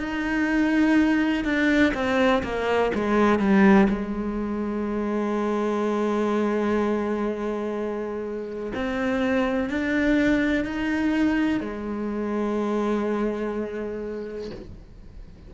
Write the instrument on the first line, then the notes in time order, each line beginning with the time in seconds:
cello
0.00 D#4
1.44 D4
1.94 C4
2.44 A#3
2.95 G#3
3.40 G3
3.89 G#3
8.75 C4
9.70 D4
10.65 D#4
11.60 G#3